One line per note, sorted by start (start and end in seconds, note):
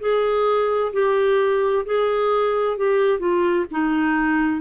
0.00 0.92 G#4
0.93 1.85 G4
1.85 2.77 G#4
2.77 3.19 G4
3.19 3.65 F4
3.71 4.61 D#4